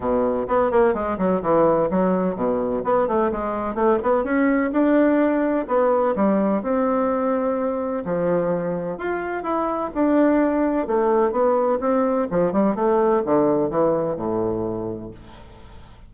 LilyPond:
\new Staff \with { instrumentName = "bassoon" } { \time 4/4 \tempo 4 = 127 b,4 b8 ais8 gis8 fis8 e4 | fis4 b,4 b8 a8 gis4 | a8 b8 cis'4 d'2 | b4 g4 c'2~ |
c'4 f2 f'4 | e'4 d'2 a4 | b4 c'4 f8 g8 a4 | d4 e4 a,2 | }